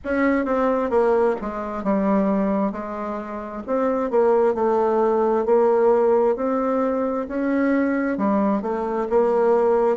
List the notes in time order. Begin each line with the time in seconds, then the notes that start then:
0.04 C#4
0.45 C4
0.90 A#3
1.41 G#3
1.83 G3
2.71 G#3
3.66 C4
4.10 A#3
4.54 A3
5.45 A#3
6.36 C4
7.28 C#4
8.17 G3
8.62 A3
9.09 A#3